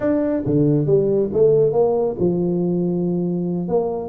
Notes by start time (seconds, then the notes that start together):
0.00 D4
0.46 D3
0.86 G3
1.32 A3
1.72 A#3
2.19 F3
3.68 A#3